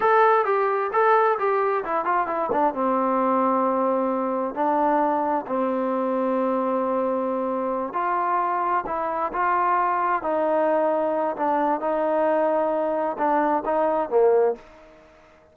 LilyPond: \new Staff \with { instrumentName = "trombone" } { \time 4/4 \tempo 4 = 132 a'4 g'4 a'4 g'4 | e'8 f'8 e'8 d'8 c'2~ | c'2 d'2 | c'1~ |
c'4. f'2 e'8~ | e'8 f'2 dis'4.~ | dis'4 d'4 dis'2~ | dis'4 d'4 dis'4 ais4 | }